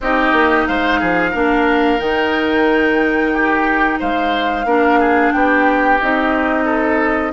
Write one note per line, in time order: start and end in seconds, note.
0.00 0.32 C4
0.00 1.34 D#4
0.00 0.67 G4
0.00 0.67 D#5
0.32 0.65 A#3
0.67 1.01 G#3
0.67 1.00 C5
0.67 2.00 F5
1.00 1.34 F3
1.00 1.30 G#4
1.30 1.99 A#3
1.30 1.98 D4
1.30 3.30 A#4
1.98 3.99 D#3
1.98 4.65 D#4
1.98 4.00 G5
3.33 3.99 G4
3.99 4.64 G#3
3.99 4.65 C5
3.99 5.32 F5
4.64 5.31 A#3
4.64 5.99 D4
4.64 4.99 A#4
4.99 5.32 G#4
5.32 6.00 B3
5.32 6.64 G4
5.32 5.98 G5
6.01 7.32 C4
6.01 7.32 D#4
6.01 7.32 D#5
6.64 7.31 A4